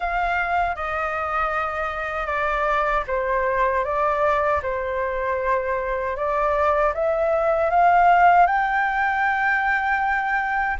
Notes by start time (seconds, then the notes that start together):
0.00 F5
0.75 D#5
2.26 D5
3.07 C5
3.84 D5
4.62 C5
6.16 D5
6.94 E5
7.70 F5
8.46 G5